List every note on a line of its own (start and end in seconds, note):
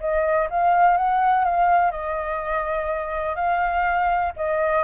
0.00 0.48 D#5
0.50 0.97 F5
0.97 1.45 F#5
1.45 1.91 F5
1.91 3.36 D#5
3.36 4.32 F5
4.37 4.84 D#5